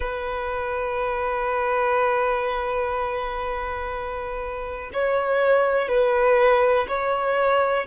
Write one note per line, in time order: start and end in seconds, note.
0.00 4.90 B4
4.93 5.88 C#5
5.88 6.86 B4
6.88 7.86 C#5